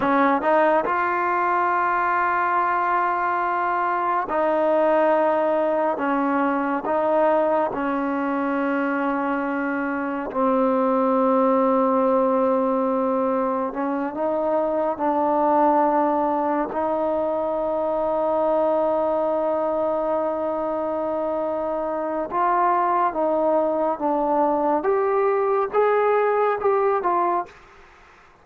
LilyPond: \new Staff \with { instrumentName = "trombone" } { \time 4/4 \tempo 4 = 70 cis'8 dis'8 f'2.~ | f'4 dis'2 cis'4 | dis'4 cis'2. | c'1 |
cis'8 dis'4 d'2 dis'8~ | dis'1~ | dis'2 f'4 dis'4 | d'4 g'4 gis'4 g'8 f'8 | }